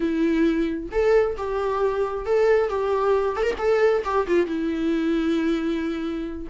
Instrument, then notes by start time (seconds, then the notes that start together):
viola
0.00 E4
0.91 A4
1.37 G4
2.25 A4
2.69 G4
3.36 A4
3.43 A#4
3.58 A4
4.04 G4
4.27 F4
4.46 E4